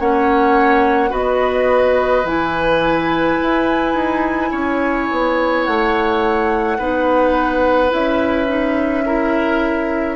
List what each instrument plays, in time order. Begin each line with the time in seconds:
0.00 bassoon A#3, clarinet C#4, oboe C#5, flute F#5
1.10 bassoon B3, clarinet F#4, oboe B4, flute D#5
2.25 bassoon E3, clarinet E4, flute G#5
3.42 bassoon E4
3.95 bassoon D#4
4.51 bassoon C#4, oboe C#5
5.12 bassoon B3
5.65 bassoon A3, flute F#5
6.79 bassoon B3, clarinet D#4, oboe B4
7.90 bassoon C#4, clarinet E4, flute E5
8.47 clarinet D#4
9.06 clarinet E4, oboe A#4